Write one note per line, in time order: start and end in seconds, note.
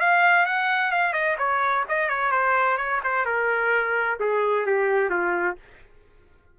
0.00 0.46 F5
0.46 0.92 F#5
0.92 1.14 F5
1.14 1.37 D#5
1.38 1.85 C#5
1.89 2.10 D#5
2.10 2.32 C#5
2.32 2.78 C5
2.78 3.01 C#5
3.04 3.26 C5
3.26 4.19 A#4
4.20 4.66 G#4
4.66 5.10 G4
5.10 5.56 F4